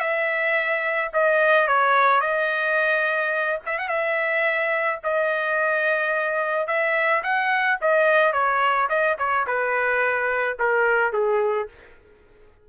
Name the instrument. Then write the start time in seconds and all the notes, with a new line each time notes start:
trumpet
0.00 E5
1.13 D#5
1.67 C#5
2.21 D#5
3.66 E5
3.78 F#5
3.88 E5
5.04 D#5
6.67 E5
7.23 F#5
7.81 D#5
8.33 C#5
8.89 D#5
9.18 C#5
9.47 B4
10.59 A#4
11.13 G#4